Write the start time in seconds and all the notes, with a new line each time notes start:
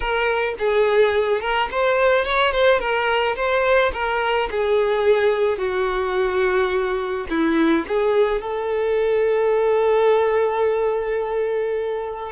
0.00 A#4
0.59 G#4
1.40 A#4
1.71 C5
2.24 C#5
2.52 C5
2.79 A#4
3.35 C5
3.93 A#4
4.50 G#4
5.58 F#4
7.29 E4
7.87 G#4
8.41 A4